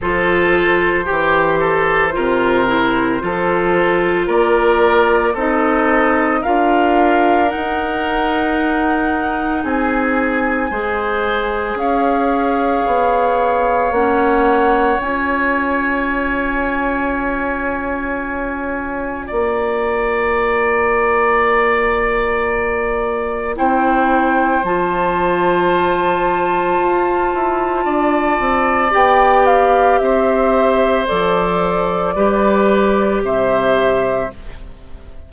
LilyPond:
<<
  \new Staff \with { instrumentName = "flute" } { \time 4/4 \tempo 4 = 56 c''1 | d''4 dis''4 f''4 fis''4~ | fis''4 gis''2 f''4~ | f''4 fis''4 gis''2~ |
gis''2 ais''2~ | ais''2 g''4 a''4~ | a''2. g''8 f''8 | e''4 d''2 e''4 | }
  \new Staff \with { instrumentName = "oboe" } { \time 4/4 a'4 g'8 a'8 ais'4 a'4 | ais'4 a'4 ais'2~ | ais'4 gis'4 c''4 cis''4~ | cis''1~ |
cis''2 d''2~ | d''2 c''2~ | c''2 d''2 | c''2 b'4 c''4 | }
  \new Staff \with { instrumentName = "clarinet" } { \time 4/4 f'4 g'4 f'8 e'8 f'4~ | f'4 dis'4 f'4 dis'4~ | dis'2 gis'2~ | gis'4 cis'4 f'2~ |
f'1~ | f'2 e'4 f'4~ | f'2. g'4~ | g'4 a'4 g'2 | }
  \new Staff \with { instrumentName = "bassoon" } { \time 4/4 f4 e4 c4 f4 | ais4 c'4 d'4 dis'4~ | dis'4 c'4 gis4 cis'4 | b4 ais4 cis'2~ |
cis'2 ais2~ | ais2 c'4 f4~ | f4 f'8 e'8 d'8 c'8 b4 | c'4 f4 g4 c4 | }
>>